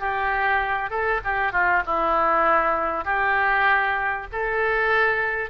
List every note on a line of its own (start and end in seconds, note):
0.00 0.90 G4
0.90 1.21 A4
1.24 1.52 G4
1.52 1.83 F4
1.86 3.05 E4
3.05 4.27 G4
4.32 5.50 A4